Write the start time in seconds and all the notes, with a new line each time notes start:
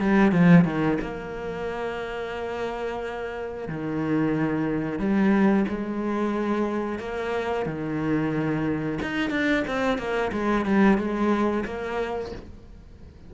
0.00 G3
0.32 F3
0.65 D#3
1.01 A#3
3.68 D#3
4.99 G3
5.68 G#3
6.99 A#3
7.66 D#3
9.02 D#4
9.30 D4
9.68 C4
9.98 A#3
10.32 G#3
10.65 G3
10.98 G#3
11.65 A#3